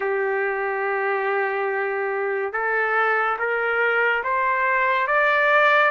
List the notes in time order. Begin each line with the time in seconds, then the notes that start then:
0.00 G4
2.52 A4
3.38 A#4
4.23 C5
5.07 D5